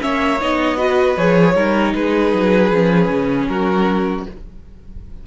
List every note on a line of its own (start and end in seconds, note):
0.00 0.42 A#3
0.00 0.38 C#4
0.00 0.77 C#5
0.00 0.40 E5
0.41 1.17 B3
0.41 0.77 D#4
0.41 1.17 D#5
0.77 1.16 F#4
0.77 1.54 B4
1.17 1.55 F3
1.17 1.55 G#4
1.17 1.94 C#5
1.55 1.93 G3
1.55 2.70 D#4
1.55 1.94 A#4
1.94 2.33 G#3
1.94 3.49 G#4
1.94 3.47 B4
2.33 2.71 F#3
2.71 3.08 F3
2.71 4.26 C#4
3.08 3.47 C#3
3.47 4.26 F#3
3.47 4.27 F#4
3.47 4.24 A#4